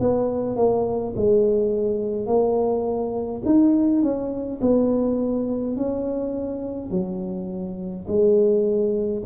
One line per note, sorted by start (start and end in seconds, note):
0.00 0.56 B3
0.56 1.14 A#3
1.16 2.27 G#3
2.27 3.42 A#3
3.45 4.03 D#4
4.03 4.60 C#4
4.62 5.76 B3
5.76 6.91 C#4
6.91 8.06 F#3
8.08 9.23 G#3